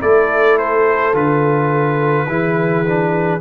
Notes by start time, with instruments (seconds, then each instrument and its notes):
0.00 tuba A3, trombone E4, horn A4, trumpet D5
0.58 trumpet C5
1.13 tuba D3, trombone F4, trumpet B4
2.27 tuba E3, trombone E4, horn G#4
2.86 trombone D4